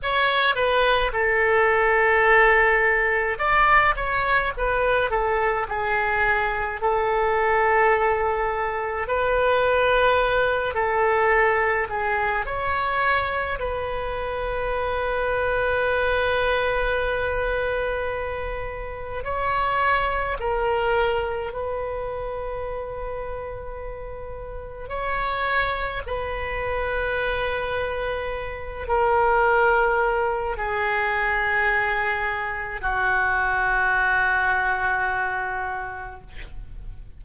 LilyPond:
\new Staff \with { instrumentName = "oboe" } { \time 4/4 \tempo 4 = 53 cis''8 b'8 a'2 d''8 cis''8 | b'8 a'8 gis'4 a'2 | b'4. a'4 gis'8 cis''4 | b'1~ |
b'4 cis''4 ais'4 b'4~ | b'2 cis''4 b'4~ | b'4. ais'4. gis'4~ | gis'4 fis'2. | }